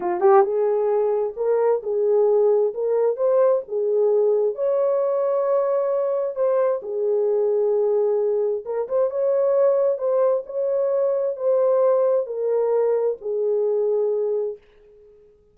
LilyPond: \new Staff \with { instrumentName = "horn" } { \time 4/4 \tempo 4 = 132 f'8 g'8 gis'2 ais'4 | gis'2 ais'4 c''4 | gis'2 cis''2~ | cis''2 c''4 gis'4~ |
gis'2. ais'8 c''8 | cis''2 c''4 cis''4~ | cis''4 c''2 ais'4~ | ais'4 gis'2. | }